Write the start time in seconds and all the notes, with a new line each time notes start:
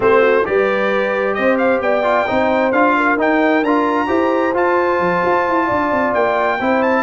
0.00 A3 C4 G4 C5
0.20 F#4
0.45 G3 G4 B4 D5
1.33 C4 C5 D#5
1.57 F5
1.80 B3 D5 G5
2.03 F4
2.27 C4 D#4 C5
2.71 D4 F4 F5
2.96 A#4
3.16 D#4 G5
3.62 D4 F4 A#5
4.07 E4 G4 C5
4.54 F4 A5
4.99 F3
5.25 F4
5.47 E4
5.66 D4 D5
5.91 C4
6.14 A#3 G5
6.59 C4 E4 C5
6.82 A5